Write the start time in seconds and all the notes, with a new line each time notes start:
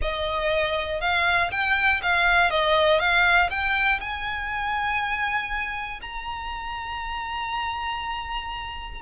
0.01 D#5
1.00 F5
1.51 G5
2.02 F5
2.50 D#5
2.99 F5
3.50 G5
4.00 G#5
6.01 A#5